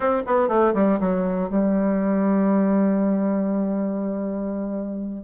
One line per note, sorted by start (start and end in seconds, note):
0.00 0.22 C4
0.26 0.48 B3
0.48 0.73 A3
0.74 0.99 G3
1.00 1.49 F#3
1.49 5.23 G3